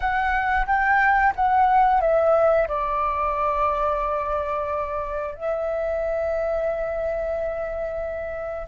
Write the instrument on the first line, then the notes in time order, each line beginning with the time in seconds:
flute
0.00 F#5
0.66 G5
1.35 F#5
2.01 E5
2.68 D5
5.35 E5